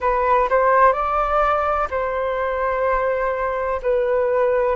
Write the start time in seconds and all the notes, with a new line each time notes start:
0.00 B4
0.49 C5
0.92 D5
1.90 C5
3.82 B4